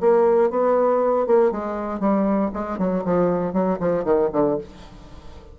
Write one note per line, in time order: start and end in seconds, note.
0.00 0.50 A#3
0.50 1.26 B3
1.27 1.51 A#3
1.51 2.00 G#3
2.00 2.51 G3
2.53 2.78 G#3
2.78 3.04 F#3
3.05 3.53 F3
3.53 3.78 F#3
3.80 4.04 F3
4.04 4.29 D#3
4.32 4.58 D3